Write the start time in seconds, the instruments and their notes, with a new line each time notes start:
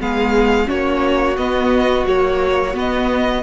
0.00 cello G#3, viola B3, violin G#4 F5
0.66 cello A#3, viola C#4, violin F#4 C#5
1.37 cello B3, viola B3, violin D#5
2.06 viola F#3, cello A#3, violin C#5
2.74 viola B3, cello B3, violin D#5